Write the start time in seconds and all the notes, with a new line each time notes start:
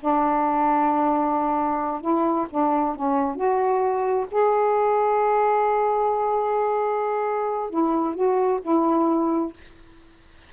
0.00 D4
2.01 E4
2.49 D4
2.95 C#4
3.35 F#4
4.31 G#4
7.69 E4
8.14 F#4
8.62 E4